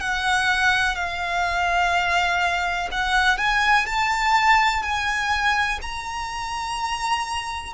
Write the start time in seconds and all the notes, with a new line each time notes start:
0.00 F#5
0.95 F5
2.91 F#5
3.37 G#5
3.86 A5
4.82 G#5
5.82 A#5